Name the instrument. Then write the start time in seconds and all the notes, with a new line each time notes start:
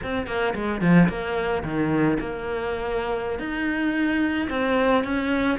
cello
0.03 C4
0.26 A#3
0.55 G#3
0.81 F3
1.08 A#3
1.63 D#3
2.20 A#3
3.39 D#4
4.49 C4
5.04 C#4